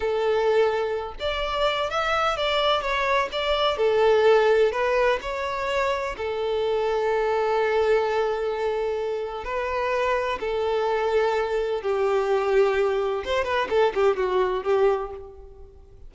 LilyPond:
\new Staff \with { instrumentName = "violin" } { \time 4/4 \tempo 4 = 127 a'2~ a'8 d''4. | e''4 d''4 cis''4 d''4 | a'2 b'4 cis''4~ | cis''4 a'2.~ |
a'1 | b'2 a'2~ | a'4 g'2. | c''8 b'8 a'8 g'8 fis'4 g'4 | }